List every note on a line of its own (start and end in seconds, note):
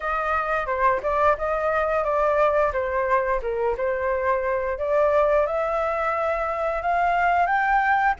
0.00 0.66 D#5
0.66 1.00 C5
1.02 1.36 D5
1.37 2.04 D#5
2.04 2.72 D5
2.72 3.41 C5
3.42 3.76 A#4
3.77 4.78 C5
4.78 5.46 D5
5.46 6.82 E5
6.82 7.46 F5
7.46 8.14 G5